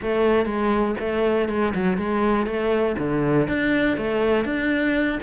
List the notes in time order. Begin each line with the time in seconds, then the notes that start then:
0.02 A3
0.45 G#3
0.99 A3
1.48 G#3
1.74 F#3
1.97 G#3
2.46 A3
2.98 D3
3.48 D4
3.97 A3
4.44 D4